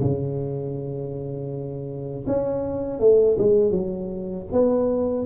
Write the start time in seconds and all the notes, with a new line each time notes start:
0.00 C#3
2.26 C#4
2.99 A3
3.38 G#3
3.71 F#3
4.51 B3